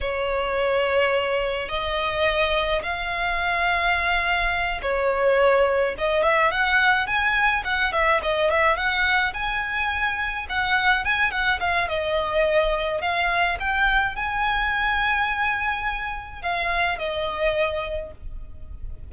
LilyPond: \new Staff \with { instrumentName = "violin" } { \time 4/4 \tempo 4 = 106 cis''2. dis''4~ | dis''4 f''2.~ | f''8 cis''2 dis''8 e''8 fis''8~ | fis''8 gis''4 fis''8 e''8 dis''8 e''8 fis''8~ |
fis''8 gis''2 fis''4 gis''8 | fis''8 f''8 dis''2 f''4 | g''4 gis''2.~ | gis''4 f''4 dis''2 | }